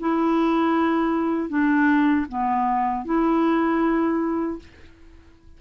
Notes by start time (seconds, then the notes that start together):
0.00 E4
1.49 D4
2.29 B3
3.05 E4